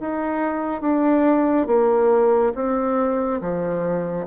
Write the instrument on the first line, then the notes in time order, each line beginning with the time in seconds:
bassoon
0.00 D#4
0.81 D4
1.67 A#3
2.54 C4
3.41 F3